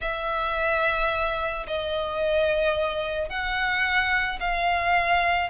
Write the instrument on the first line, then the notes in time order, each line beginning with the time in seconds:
violin
0.01 E5
1.67 D#5
3.29 F#5
4.39 F5